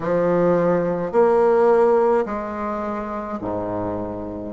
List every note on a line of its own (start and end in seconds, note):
0.00 1.12 F3
1.12 2.25 A#3
2.25 3.39 G#3
3.41 4.53 G#2